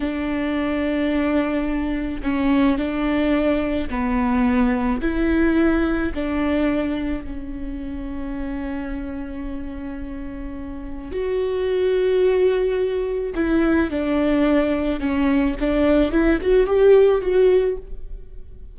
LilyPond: \new Staff \with { instrumentName = "viola" } { \time 4/4 \tempo 4 = 108 d'1 | cis'4 d'2 b4~ | b4 e'2 d'4~ | d'4 cis'2.~ |
cis'1 | fis'1 | e'4 d'2 cis'4 | d'4 e'8 fis'8 g'4 fis'4 | }